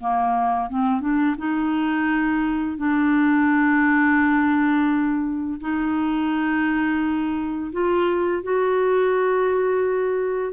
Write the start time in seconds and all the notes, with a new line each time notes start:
0.00 A#3
0.69 C4
1.00 D4
1.38 D#4
2.77 D4
5.60 D#4
7.72 F4
8.43 F#4